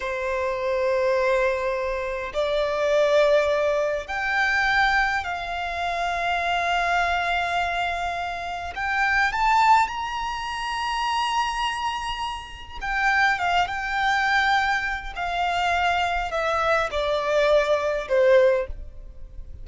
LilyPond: \new Staff \with { instrumentName = "violin" } { \time 4/4 \tempo 4 = 103 c''1 | d''2. g''4~ | g''4 f''2.~ | f''2. g''4 |
a''4 ais''2.~ | ais''2 g''4 f''8 g''8~ | g''2 f''2 | e''4 d''2 c''4 | }